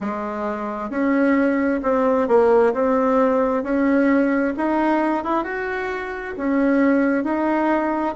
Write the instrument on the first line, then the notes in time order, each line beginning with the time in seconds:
bassoon
0.00 G#3
0.90 C#4
1.82 C4
2.27 A#3
2.73 C4
3.63 C#4
4.57 D#4
5.24 E4
5.43 F#4
6.37 C#4
7.24 D#4